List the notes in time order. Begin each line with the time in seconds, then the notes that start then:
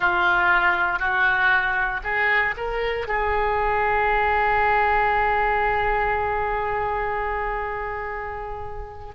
0.00 F4
0.99 F#4
2.03 G#4
2.57 A#4
3.07 G#4